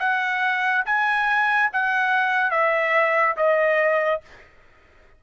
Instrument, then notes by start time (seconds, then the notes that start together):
trumpet
0.00 F#5
0.86 G#5
1.73 F#5
2.51 E5
3.37 D#5